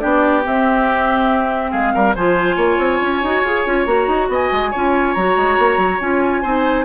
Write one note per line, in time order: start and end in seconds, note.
0.00 0.46 B3
0.00 0.43 D4
0.00 1.71 G4
0.00 0.43 D5
0.44 2.15 C4
0.44 1.73 C4
0.44 1.72 E5
1.71 1.95 G#3
1.71 1.93 G#4
1.71 2.15 F5
1.95 2.16 G3
1.95 2.15 A#4
2.15 2.57 F3
2.15 3.25 F4
2.15 2.56 C5
2.15 3.86 G#5
2.56 2.78 A#3
2.56 4.28 C#5
2.78 3.00 C4
3.02 3.23 C#4
3.23 3.43 D#4
3.23 3.46 F#4
3.43 3.65 F4
3.43 3.67 G#4
3.66 3.86 C#4
3.66 3.87 F4
3.86 4.08 A#3
3.86 4.72 F#4
3.86 4.29 A#5
4.08 4.29 D#4
4.29 4.50 B3
4.29 4.71 D#5
4.29 5.14 G#5
4.52 4.73 G#3
4.71 5.16 C#4
4.71 5.18 F4
4.71 6.42 C#5
5.14 5.37 F#3
5.14 6.01 F#4
5.14 6.00 A#5
5.37 5.58 G#3
5.59 5.77 A#3
5.77 5.99 F#3
6.01 6.44 C#4
6.01 6.44 F4
6.01 6.86 G#5
6.42 6.86 C4
6.42 6.86 D#4
6.42 6.85 C5